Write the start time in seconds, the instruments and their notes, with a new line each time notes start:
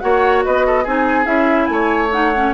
0.00 bassoon A#3, clarinet F#4, oboe C#5, flute F#5
0.44 bassoon B3, oboe B4, flute D#5
0.66 oboe A4
0.84 bassoon C4, clarinet D#4, oboe G#4, flute G#5
1.25 bassoon C#4, clarinet E4, flute E5
1.66 bassoon A3, flute G#5
1.72 oboe C#5
2.12 clarinet D#4, flute F#5
2.35 clarinet C#4